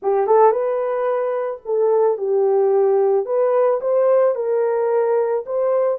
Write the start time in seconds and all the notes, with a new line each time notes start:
0.02 G4
0.26 A4
0.51 B4
1.65 A4
2.17 G4
3.25 B4
3.81 C5
4.35 A#4
5.45 C5